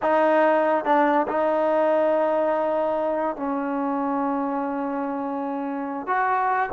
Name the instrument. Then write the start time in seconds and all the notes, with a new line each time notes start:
trombone
0.02 D#4
0.84 D4
1.27 D#4
3.36 C#4
6.06 F#4